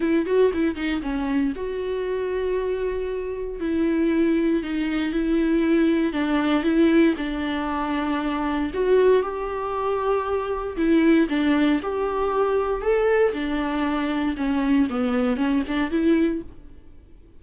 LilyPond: \new Staff \with { instrumentName = "viola" } { \time 4/4 \tempo 4 = 117 e'8 fis'8 e'8 dis'8 cis'4 fis'4~ | fis'2. e'4~ | e'4 dis'4 e'2 | d'4 e'4 d'2~ |
d'4 fis'4 g'2~ | g'4 e'4 d'4 g'4~ | g'4 a'4 d'2 | cis'4 b4 cis'8 d'8 e'4 | }